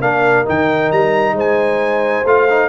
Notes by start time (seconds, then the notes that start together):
0.00 A#3 D4 A#4 F5
0.45 D#3 D#4 G5
0.91 G3 A#5
1.32 G#3 C5
1.39 G#5
2.25 A3 F4 F5
2.49 D#4